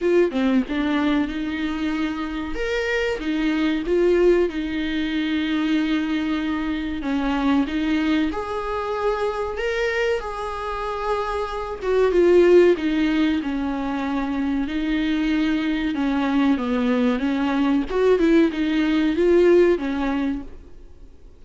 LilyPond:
\new Staff \with { instrumentName = "viola" } { \time 4/4 \tempo 4 = 94 f'8 c'8 d'4 dis'2 | ais'4 dis'4 f'4 dis'4~ | dis'2. cis'4 | dis'4 gis'2 ais'4 |
gis'2~ gis'8 fis'8 f'4 | dis'4 cis'2 dis'4~ | dis'4 cis'4 b4 cis'4 | fis'8 e'8 dis'4 f'4 cis'4 | }